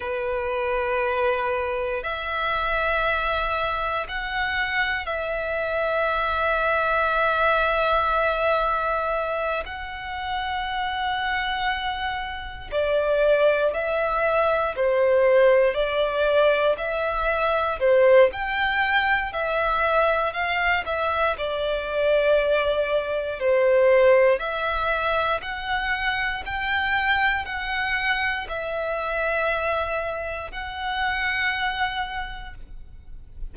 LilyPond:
\new Staff \with { instrumentName = "violin" } { \time 4/4 \tempo 4 = 59 b'2 e''2 | fis''4 e''2.~ | e''4. fis''2~ fis''8~ | fis''8 d''4 e''4 c''4 d''8~ |
d''8 e''4 c''8 g''4 e''4 | f''8 e''8 d''2 c''4 | e''4 fis''4 g''4 fis''4 | e''2 fis''2 | }